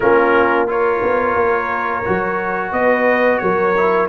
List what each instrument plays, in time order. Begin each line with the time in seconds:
0.00 tuba A#3, trombone C#4, horn F4, trumpet A#4
0.67 trombone F4, horn A#4, trumpet C#5
1.01 tuba B3
1.35 tuba A#3
2.04 tuba F#3, trombone F#4
2.71 tuba B3, horn B4, trumpet D#5
3.38 tuba F#3, horn A#4, trumpet C#5
3.77 trombone E4